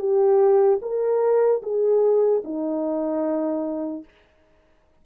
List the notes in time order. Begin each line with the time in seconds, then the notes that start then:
0.00 G4
0.82 A#4
1.63 G#4
2.44 D#4